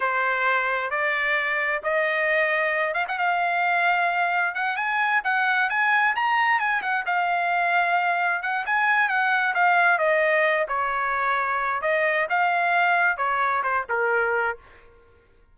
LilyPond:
\new Staff \with { instrumentName = "trumpet" } { \time 4/4 \tempo 4 = 132 c''2 d''2 | dis''2~ dis''8 f''16 fis''16 f''4~ | f''2 fis''8 gis''4 fis''8~ | fis''8 gis''4 ais''4 gis''8 fis''8 f''8~ |
f''2~ f''8 fis''8 gis''4 | fis''4 f''4 dis''4. cis''8~ | cis''2 dis''4 f''4~ | f''4 cis''4 c''8 ais'4. | }